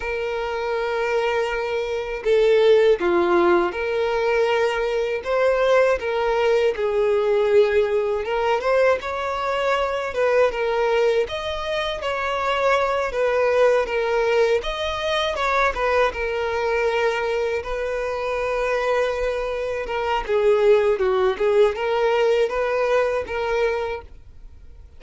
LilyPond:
\new Staff \with { instrumentName = "violin" } { \time 4/4 \tempo 4 = 80 ais'2. a'4 | f'4 ais'2 c''4 | ais'4 gis'2 ais'8 c''8 | cis''4. b'8 ais'4 dis''4 |
cis''4. b'4 ais'4 dis''8~ | dis''8 cis''8 b'8 ais'2 b'8~ | b'2~ b'8 ais'8 gis'4 | fis'8 gis'8 ais'4 b'4 ais'4 | }